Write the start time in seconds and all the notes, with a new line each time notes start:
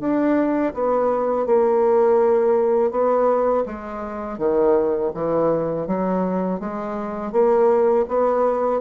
0.00 D4
0.74 B3
1.46 A#3
2.91 B3
3.66 G#3
4.38 D#3
5.14 E3
5.87 F#3
6.60 G#3
7.32 A#3
8.08 B3